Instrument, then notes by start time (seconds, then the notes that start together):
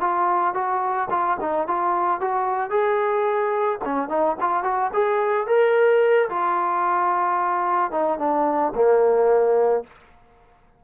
trombone
0.00 F4
0.54 F#4
1.10 F4
1.40 D#4
1.67 F4
2.21 F#4
2.70 G#4
3.85 C#4
4.09 D#4
4.40 F4
4.63 F#4
4.93 G#4
5.47 A#4
6.30 F4
7.91 D#4
8.19 D4
8.75 A#3